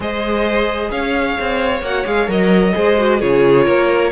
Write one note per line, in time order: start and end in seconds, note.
0.00 0.89 G#3
0.00 1.83 G#4
0.00 0.91 C5
0.00 0.90 D#5
0.90 1.37 C#4
0.90 2.74 C#5
0.90 1.82 F5
1.40 1.81 C4
1.81 2.04 A#3
1.81 2.04 F#4
1.81 2.06 F#5
2.04 2.27 G#3
2.04 2.27 G#4
2.04 2.29 F5
2.27 2.73 F#3
2.27 2.73 A#4
2.27 3.21 D#5
2.73 3.22 G#3
2.73 2.96 G#4
2.73 3.19 C5
2.97 3.20 F#4
3.19 3.67 C#3
3.19 4.11 F4
3.19 3.64 G#4
3.19 4.11 C#5
3.64 4.11 A#3
3.64 4.10 A#4